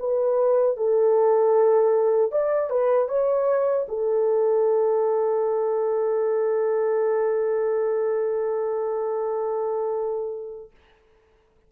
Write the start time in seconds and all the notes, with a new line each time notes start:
0.00 B4
0.77 A4
2.32 D5
2.70 B4
3.09 C#5
3.89 A4